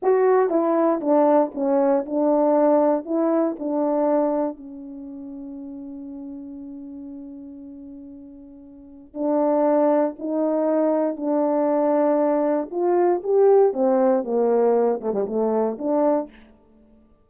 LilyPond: \new Staff \with { instrumentName = "horn" } { \time 4/4 \tempo 4 = 118 fis'4 e'4 d'4 cis'4 | d'2 e'4 d'4~ | d'4 cis'2.~ | cis'1~ |
cis'2 d'2 | dis'2 d'2~ | d'4 f'4 g'4 c'4 | ais4. a16 g16 a4 d'4 | }